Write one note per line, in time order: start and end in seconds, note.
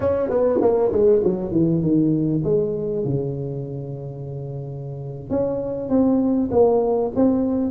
0.00 0.29 C#4
0.29 0.60 B3
0.61 0.91 A#3
0.92 1.22 G#3
1.23 1.51 F#3
1.51 1.82 E3
1.82 2.42 D#3
2.44 3.04 G#3
3.04 5.30 C#3
5.30 5.89 C#4
5.89 6.49 C4
6.51 7.11 A#3
7.15 7.71 C4